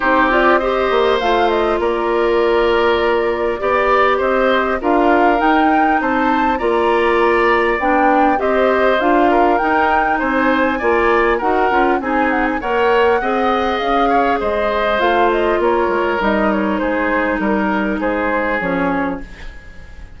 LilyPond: <<
  \new Staff \with { instrumentName = "flute" } { \time 4/4 \tempo 4 = 100 c''8 d''8 dis''4 f''8 dis''8 d''4~ | d''2. dis''4 | f''4 g''4 a''4 ais''4~ | ais''4 g''4 dis''4 f''4 |
g''4 gis''2 fis''4 | gis''8 fis''16 gis''16 fis''2 f''4 | dis''4 f''8 dis''8 cis''4 dis''8 cis''8 | c''4 ais'4 c''4 cis''4 | }
  \new Staff \with { instrumentName = "oboe" } { \time 4/4 g'4 c''2 ais'4~ | ais'2 d''4 c''4 | ais'2 c''4 d''4~ | d''2 c''4. ais'8~ |
ais'4 c''4 d''4 ais'4 | gis'4 cis''4 dis''4. cis''8 | c''2 ais'2 | gis'4 ais'4 gis'2 | }
  \new Staff \with { instrumentName = "clarinet" } { \time 4/4 dis'8 f'8 g'4 f'2~ | f'2 g'2 | f'4 dis'2 f'4~ | f'4 d'4 g'4 f'4 |
dis'2 f'4 fis'8 f'8 | dis'4 ais'4 gis'2~ | gis'4 f'2 dis'4~ | dis'2. cis'4 | }
  \new Staff \with { instrumentName = "bassoon" } { \time 4/4 c'4. ais8 a4 ais4~ | ais2 b4 c'4 | d'4 dis'4 c'4 ais4~ | ais4 b4 c'4 d'4 |
dis'4 c'4 ais4 dis'8 cis'8 | c'4 ais4 c'4 cis'4 | gis4 a4 ais8 gis8 g4 | gis4 g4 gis4 f4 | }
>>